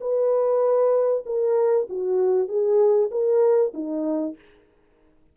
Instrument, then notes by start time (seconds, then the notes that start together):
horn
0.00 B4
1.25 A#4
1.89 F#4
2.48 G#4
3.11 A#4
3.73 D#4